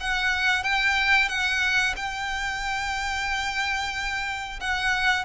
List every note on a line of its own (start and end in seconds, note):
0.00 0.63 F#5
0.63 1.28 G5
1.28 1.94 F#5
1.96 4.59 G5
4.60 5.24 F#5